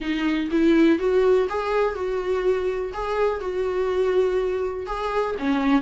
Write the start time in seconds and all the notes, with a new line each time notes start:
0.00 D#4
0.51 E4
0.98 F#4
1.49 G#4
1.94 F#4
2.93 G#4
3.40 F#4
4.86 G#4
5.38 C#4